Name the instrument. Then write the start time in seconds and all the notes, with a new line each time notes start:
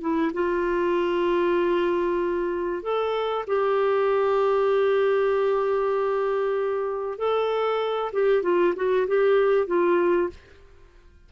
clarinet
0.00 E4
0.33 F4
2.82 A4
3.47 G4
7.18 A4
8.12 G4
8.42 F4
8.76 F#4
9.07 G4
9.66 F4